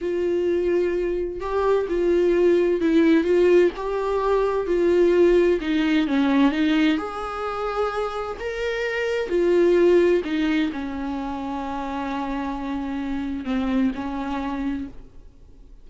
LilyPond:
\new Staff \with { instrumentName = "viola" } { \time 4/4 \tempo 4 = 129 f'2. g'4 | f'2 e'4 f'4 | g'2 f'2 | dis'4 cis'4 dis'4 gis'4~ |
gis'2 ais'2 | f'2 dis'4 cis'4~ | cis'1~ | cis'4 c'4 cis'2 | }